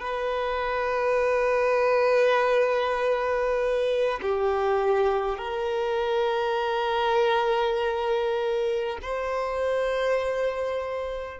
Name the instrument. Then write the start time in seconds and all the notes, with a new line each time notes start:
violin
0.00 B4
4.22 G4
5.37 A#4
9.02 C5